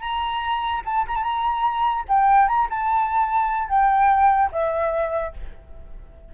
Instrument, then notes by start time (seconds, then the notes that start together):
flute
0.00 A#5
0.85 A5
1.07 A#5
1.15 A5
1.23 A#5
2.08 G5
2.47 A#5
2.69 A5
3.68 G5
4.52 E5